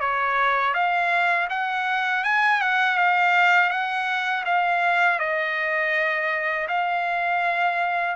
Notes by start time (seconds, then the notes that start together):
0.00 C#5
0.74 F5
1.50 F#5
2.24 G#5
2.61 F#5
2.97 F5
3.70 F#5
4.45 F5
5.20 D#5
6.68 F5